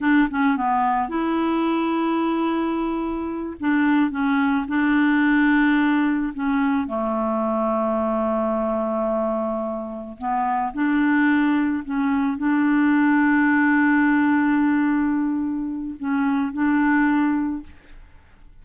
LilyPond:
\new Staff \with { instrumentName = "clarinet" } { \time 4/4 \tempo 4 = 109 d'8 cis'8 b4 e'2~ | e'2~ e'8 d'4 cis'8~ | cis'8 d'2. cis'8~ | cis'8 a2.~ a8~ |
a2~ a8 b4 d'8~ | d'4. cis'4 d'4.~ | d'1~ | d'4 cis'4 d'2 | }